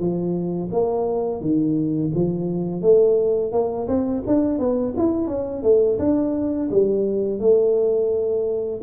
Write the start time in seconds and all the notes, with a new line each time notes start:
0.00 F3
0.72 A#3
1.41 D#3
2.15 F3
2.82 A3
3.53 A#3
3.88 C4
4.27 D4
4.59 B3
4.98 E4
5.28 C#4
5.63 A3
5.99 D4
6.71 G3
7.40 A3